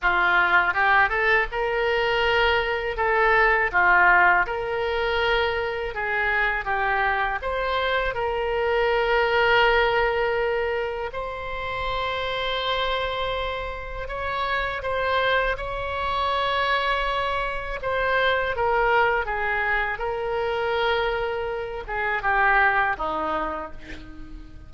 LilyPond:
\new Staff \with { instrumentName = "oboe" } { \time 4/4 \tempo 4 = 81 f'4 g'8 a'8 ais'2 | a'4 f'4 ais'2 | gis'4 g'4 c''4 ais'4~ | ais'2. c''4~ |
c''2. cis''4 | c''4 cis''2. | c''4 ais'4 gis'4 ais'4~ | ais'4. gis'8 g'4 dis'4 | }